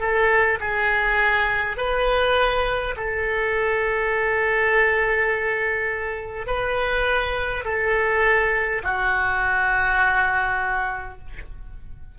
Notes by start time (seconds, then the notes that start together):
0.00 A4
0.60 G#4
1.77 B4
2.97 A4
6.47 B4
7.65 A4
8.83 F#4